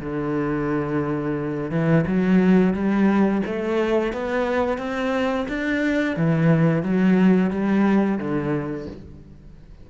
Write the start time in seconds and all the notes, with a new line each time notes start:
0.00 D3
1.71 E3
2.07 F#3
2.74 G3
3.46 A3
4.13 B3
4.78 C4
5.48 D4
6.16 E3
6.83 F#3
7.50 G3
8.18 D3